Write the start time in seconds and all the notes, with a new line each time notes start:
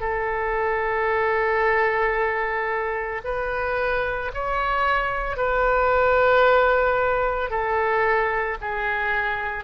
0.00 A4
3.24 B4
4.33 C#5
5.37 B4
7.50 A4
8.61 G#4